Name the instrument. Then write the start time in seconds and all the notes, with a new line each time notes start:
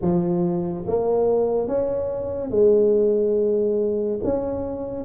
tuba
0.01 F3
0.87 A#3
1.67 C#4
2.50 G#3
4.23 C#4